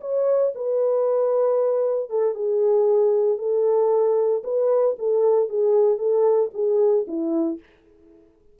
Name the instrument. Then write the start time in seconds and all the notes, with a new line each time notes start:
horn
0.00 C#5
0.55 B4
2.09 A4
2.34 G#4
3.38 A4
4.43 B4
4.98 A4
5.49 G#4
5.98 A4
6.53 G#4
7.07 E4